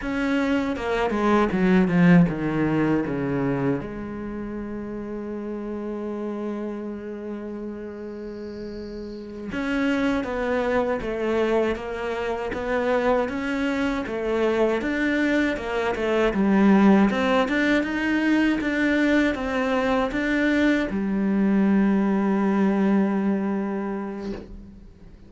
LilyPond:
\new Staff \with { instrumentName = "cello" } { \time 4/4 \tempo 4 = 79 cis'4 ais8 gis8 fis8 f8 dis4 | cis4 gis2.~ | gis1~ | gis8 cis'4 b4 a4 ais8~ |
ais8 b4 cis'4 a4 d'8~ | d'8 ais8 a8 g4 c'8 d'8 dis'8~ | dis'8 d'4 c'4 d'4 g8~ | g1 | }